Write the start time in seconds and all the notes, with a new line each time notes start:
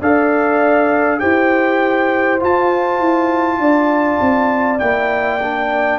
0.00 D4 A4 D5 F5
1.19 E4 G4 C5 G5
2.39 F4 A5
2.99 E4
3.58 D4 D5
4.20 C4
4.79 A#3 E4 G5
5.42 D4